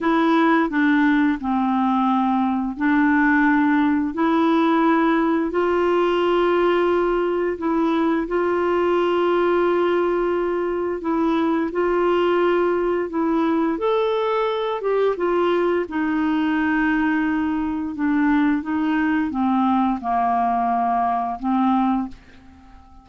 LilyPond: \new Staff \with { instrumentName = "clarinet" } { \time 4/4 \tempo 4 = 87 e'4 d'4 c'2 | d'2 e'2 | f'2. e'4 | f'1 |
e'4 f'2 e'4 | a'4. g'8 f'4 dis'4~ | dis'2 d'4 dis'4 | c'4 ais2 c'4 | }